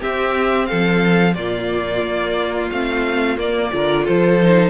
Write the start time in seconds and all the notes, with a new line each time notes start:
0.00 C4 G4 E5
0.67 F3 A4 F5
1.35 A#2 A#3 F4 D5
2.04 A#3
2.71 A3 C4 F5
3.38 A#3 D5
3.72 D3 F4 A#4
4.05 F3 A4 C5
4.42 D#4